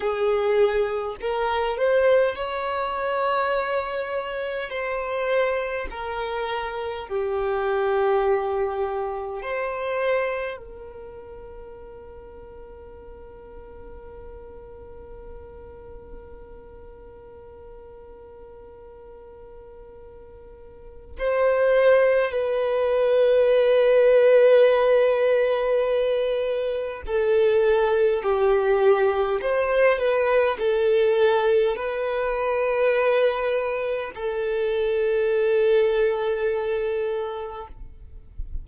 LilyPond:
\new Staff \with { instrumentName = "violin" } { \time 4/4 \tempo 4 = 51 gis'4 ais'8 c''8 cis''2 | c''4 ais'4 g'2 | c''4 ais'2.~ | ais'1~ |
ais'2 c''4 b'4~ | b'2. a'4 | g'4 c''8 b'8 a'4 b'4~ | b'4 a'2. | }